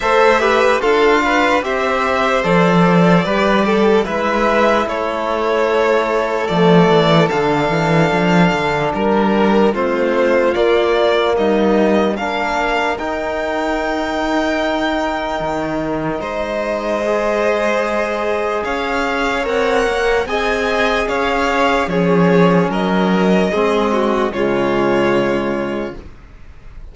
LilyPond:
<<
  \new Staff \with { instrumentName = "violin" } { \time 4/4 \tempo 4 = 74 e''4 f''4 e''4 d''4~ | d''4 e''4 cis''2 | d''4 f''2 ais'4 | c''4 d''4 dis''4 f''4 |
g''1 | dis''2. f''4 | fis''4 gis''4 f''4 cis''4 | dis''2 cis''2 | }
  \new Staff \with { instrumentName = "violin" } { \time 4/4 c''8 b'8 a'8 b'8 c''2 | b'8 a'8 b'4 a'2~ | a'2. ais'4 | f'2 dis'4 ais'4~ |
ais'1 | c''2. cis''4~ | cis''4 dis''4 cis''4 gis'4 | ais'4 gis'8 fis'8 f'2 | }
  \new Staff \with { instrumentName = "trombone" } { \time 4/4 a'8 g'8 f'4 g'4 a'4 | g'4 e'2. | a4 d'2. | c'4 ais2 d'4 |
dis'1~ | dis'4 gis'2. | ais'4 gis'2 cis'4~ | cis'4 c'4 gis2 | }
  \new Staff \with { instrumentName = "cello" } { \time 4/4 a4 d'4 c'4 f4 | g4 gis4 a2 | f8 e8 d8 e8 f8 d8 g4 | a4 ais4 g4 ais4 |
dis'2. dis4 | gis2. cis'4 | c'8 ais8 c'4 cis'4 f4 | fis4 gis4 cis2 | }
>>